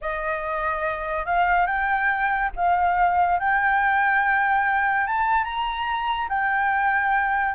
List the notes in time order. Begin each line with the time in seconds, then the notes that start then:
0.01 D#5
1.25 F5
1.66 G5
2.56 F5
3.39 G5
5.06 A5
5.44 A#5
6.28 G5